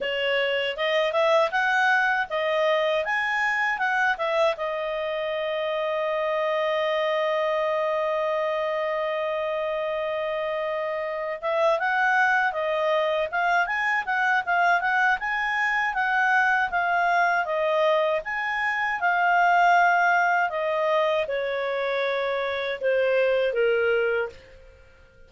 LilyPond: \new Staff \with { instrumentName = "clarinet" } { \time 4/4 \tempo 4 = 79 cis''4 dis''8 e''8 fis''4 dis''4 | gis''4 fis''8 e''8 dis''2~ | dis''1~ | dis''2. e''8 fis''8~ |
fis''8 dis''4 f''8 gis''8 fis''8 f''8 fis''8 | gis''4 fis''4 f''4 dis''4 | gis''4 f''2 dis''4 | cis''2 c''4 ais'4 | }